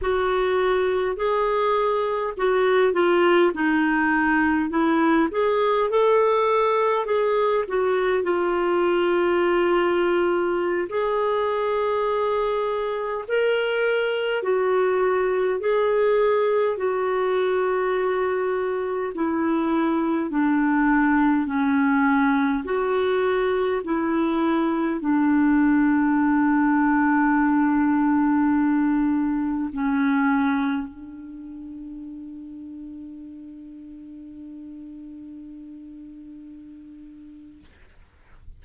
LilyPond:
\new Staff \with { instrumentName = "clarinet" } { \time 4/4 \tempo 4 = 51 fis'4 gis'4 fis'8 f'8 dis'4 | e'8 gis'8 a'4 gis'8 fis'8 f'4~ | f'4~ f'16 gis'2 ais'8.~ | ais'16 fis'4 gis'4 fis'4.~ fis'16~ |
fis'16 e'4 d'4 cis'4 fis'8.~ | fis'16 e'4 d'2~ d'8.~ | d'4~ d'16 cis'4 d'4.~ d'16~ | d'1 | }